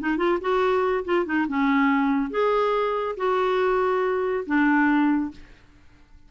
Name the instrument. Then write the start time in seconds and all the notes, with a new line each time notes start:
clarinet
0.00 D#4
0.17 F4
0.41 F#4
1.05 F4
1.26 D#4
1.48 C#4
2.30 G#4
3.17 F#4
4.46 D4